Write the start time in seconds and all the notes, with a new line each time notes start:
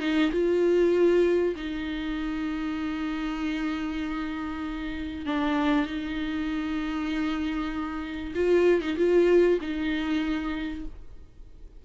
0.00 D#4
0.31 F4
1.56 D#4
5.26 D4
5.86 D#4
8.35 F4
8.81 D#4
8.97 F4
9.61 D#4